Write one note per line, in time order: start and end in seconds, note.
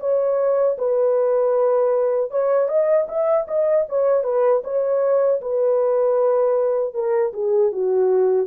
0.00 0.77 C#5
0.78 2.31 B4
2.31 2.69 C#5
2.69 3.07 D#5
3.08 3.47 E5
3.48 3.86 D#5
3.89 4.24 C#5
4.24 4.62 B4
4.64 5.41 C#5
5.42 6.94 B4
6.94 7.33 A#4
7.34 7.72 G#4
7.72 8.47 F#4